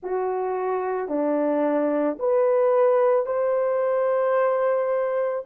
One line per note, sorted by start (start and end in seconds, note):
0.02 1.08 F#4
1.08 2.17 D4
2.19 3.26 B4
3.26 5.44 C5